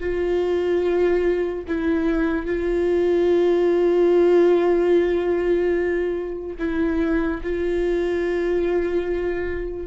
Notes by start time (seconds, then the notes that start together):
0.00 F4
1.67 E4
2.46 F4
6.59 E4
7.43 F4